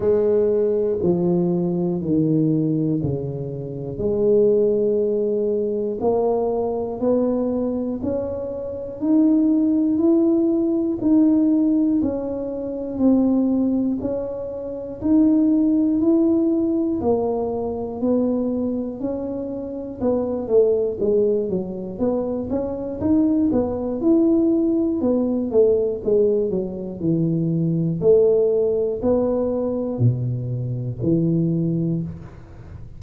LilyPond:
\new Staff \with { instrumentName = "tuba" } { \time 4/4 \tempo 4 = 60 gis4 f4 dis4 cis4 | gis2 ais4 b4 | cis'4 dis'4 e'4 dis'4 | cis'4 c'4 cis'4 dis'4 |
e'4 ais4 b4 cis'4 | b8 a8 gis8 fis8 b8 cis'8 dis'8 b8 | e'4 b8 a8 gis8 fis8 e4 | a4 b4 b,4 e4 | }